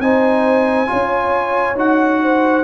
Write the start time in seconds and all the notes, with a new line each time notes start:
0.00 C4 D#4 C5 G#5
0.87 C#4 F4 C#5
1.76 D#4 F#4 F#5
2.23 C5